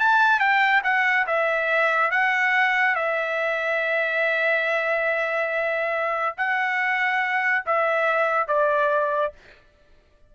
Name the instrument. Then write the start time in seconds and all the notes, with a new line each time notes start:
trumpet
0.00 A5
0.40 G5
0.84 F#5
1.27 E5
2.11 F#5
2.96 E5
6.38 F#5
7.66 E5
8.48 D5